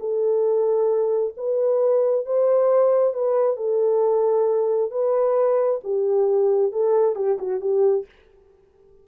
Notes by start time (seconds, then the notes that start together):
0.00 A4
1.37 B4
2.26 C5
3.14 B4
3.57 A4
4.91 B4
5.84 G4
6.72 A4
7.15 G4
7.39 F#4
7.61 G4